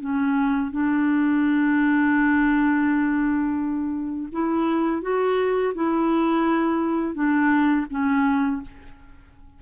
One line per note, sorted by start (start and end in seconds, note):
0.00 0.71 C#4
0.71 4.28 D4
4.32 5.02 E4
5.02 5.73 F#4
5.74 7.14 E4
7.14 7.86 D4
7.90 8.61 C#4